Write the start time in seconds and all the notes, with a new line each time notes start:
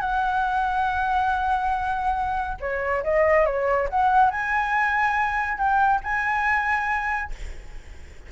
0.00 F#5
2.60 C#5
3.03 D#5
3.45 C#5
3.89 F#5
4.31 G#5
5.58 G5
6.03 G#5